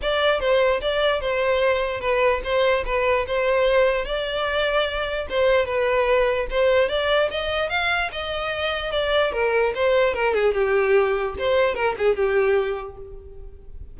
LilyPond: \new Staff \with { instrumentName = "violin" } { \time 4/4 \tempo 4 = 148 d''4 c''4 d''4 c''4~ | c''4 b'4 c''4 b'4 | c''2 d''2~ | d''4 c''4 b'2 |
c''4 d''4 dis''4 f''4 | dis''2 d''4 ais'4 | c''4 ais'8 gis'8 g'2 | c''4 ais'8 gis'8 g'2 | }